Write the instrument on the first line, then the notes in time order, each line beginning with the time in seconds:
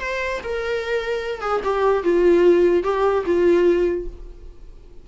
viola
0.00 C5
0.44 A#4
1.41 G#4
1.64 G4
2.04 F4
2.84 G4
3.26 F4